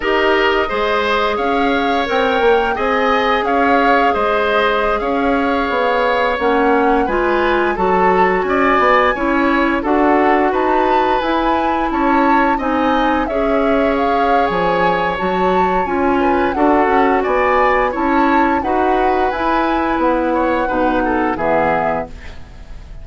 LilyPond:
<<
  \new Staff \with { instrumentName = "flute" } { \time 4/4 \tempo 4 = 87 dis''2 f''4 g''4 | gis''4 f''4 dis''4~ dis''16 f''8.~ | f''4~ f''16 fis''4 gis''4 a''8.~ | a''16 gis''2 fis''4 a''8.~ |
a''16 gis''4 a''4 gis''4 e''8.~ | e''16 f''8. gis''4 a''4 gis''4 | fis''4 gis''4 a''4 fis''4 | gis''4 fis''2 e''4 | }
  \new Staff \with { instrumentName = "oboe" } { \time 4/4 ais'4 c''4 cis''2 | dis''4 cis''4 c''4~ c''16 cis''8.~ | cis''2~ cis''16 b'4 a'8.~ | a'16 d''4 cis''4 a'4 b'8.~ |
b'4~ b'16 cis''4 dis''4 cis''8.~ | cis''2.~ cis''8 b'8 | a'4 d''4 cis''4 b'4~ | b'4. cis''8 b'8 a'8 gis'4 | }
  \new Staff \with { instrumentName = "clarinet" } { \time 4/4 g'4 gis'2 ais'4 | gis'1~ | gis'4~ gis'16 cis'4 f'4 fis'8.~ | fis'4~ fis'16 e'4 fis'4.~ fis'16~ |
fis'16 e'2 dis'4 gis'8.~ | gis'2 fis'4 f'4 | fis'2 e'4 fis'4 | e'2 dis'4 b4 | }
  \new Staff \with { instrumentName = "bassoon" } { \time 4/4 dis'4 gis4 cis'4 c'8 ais8 | c'4 cis'4 gis4~ gis16 cis'8.~ | cis'16 b4 ais4 gis4 fis8.~ | fis16 cis'8 b8 cis'4 d'4 dis'8.~ |
dis'16 e'4 cis'4 c'4 cis'8.~ | cis'4 f4 fis4 cis'4 | d'8 cis'8 b4 cis'4 dis'4 | e'4 b4 b,4 e4 | }
>>